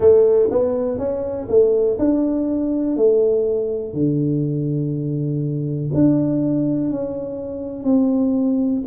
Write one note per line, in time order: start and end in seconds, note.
0.00 0.49 A3
0.50 0.98 B3
0.98 1.47 C#4
1.48 1.98 A3
1.99 2.96 D4
2.96 3.93 A3
3.93 5.90 D3
5.93 6.90 D4
6.90 7.83 C#4
7.83 8.82 C4